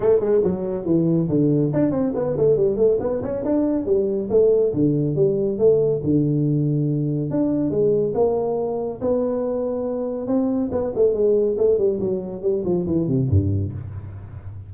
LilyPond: \new Staff \with { instrumentName = "tuba" } { \time 4/4 \tempo 4 = 140 a8 gis8 fis4 e4 d4 | d'8 c'8 b8 a8 g8 a8 b8 cis'8 | d'4 g4 a4 d4 | g4 a4 d2~ |
d4 d'4 gis4 ais4~ | ais4 b2. | c'4 b8 a8 gis4 a8 g8 | fis4 g8 f8 e8 c8 g,4 | }